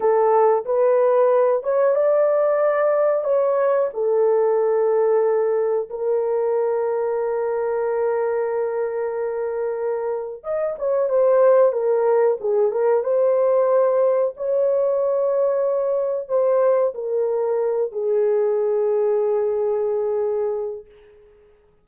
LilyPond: \new Staff \with { instrumentName = "horn" } { \time 4/4 \tempo 4 = 92 a'4 b'4. cis''8 d''4~ | d''4 cis''4 a'2~ | a'4 ais'2.~ | ais'1 |
dis''8 cis''8 c''4 ais'4 gis'8 ais'8 | c''2 cis''2~ | cis''4 c''4 ais'4. gis'8~ | gis'1 | }